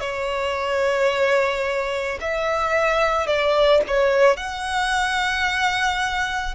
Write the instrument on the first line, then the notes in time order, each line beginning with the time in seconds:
violin
0.00 C#5
2.20 E5
3.26 D5
3.87 C#5
4.36 F#5